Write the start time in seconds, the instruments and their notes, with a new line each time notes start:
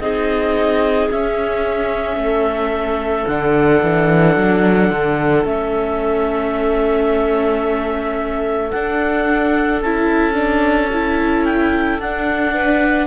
0.00 cello C4, viola D#4, clarinet G#4 D#5
1.11 viola C#4, cello C#4, clarinet E5
2.16 cello A3, clarinet A4
3.27 cello D3, viola D4, clarinet F#5
3.83 cello E3
4.36 cello F#3
4.90 cello D3
5.45 cello A3, viola C#4, clarinet E5
8.71 cello D4, viola D4, clarinet F#5
9.82 cello C#4, viola E4, clarinet A5
10.34 viola D4
10.93 viola E4
11.45 clarinet G5
11.99 cello D4, viola D4, clarinet F#5
12.54 clarinet B4